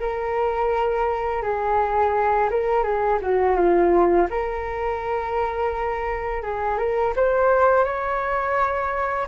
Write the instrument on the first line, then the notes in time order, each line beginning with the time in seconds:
flute
0.00 A#4
1.43 G#4
2.51 A#4
2.84 G#4
3.22 F#4
3.56 F4
4.31 A#4
6.43 G#4
6.79 A#4
7.16 C5
7.85 C#5